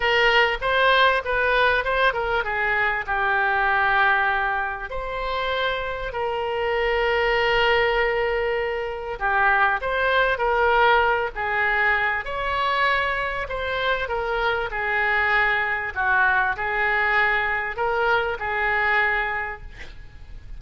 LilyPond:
\new Staff \with { instrumentName = "oboe" } { \time 4/4 \tempo 4 = 98 ais'4 c''4 b'4 c''8 ais'8 | gis'4 g'2. | c''2 ais'2~ | ais'2. g'4 |
c''4 ais'4. gis'4. | cis''2 c''4 ais'4 | gis'2 fis'4 gis'4~ | gis'4 ais'4 gis'2 | }